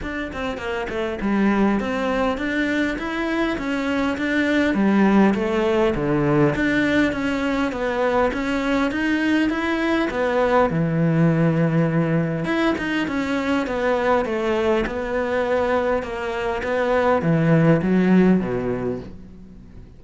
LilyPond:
\new Staff \with { instrumentName = "cello" } { \time 4/4 \tempo 4 = 101 d'8 c'8 ais8 a8 g4 c'4 | d'4 e'4 cis'4 d'4 | g4 a4 d4 d'4 | cis'4 b4 cis'4 dis'4 |
e'4 b4 e2~ | e4 e'8 dis'8 cis'4 b4 | a4 b2 ais4 | b4 e4 fis4 b,4 | }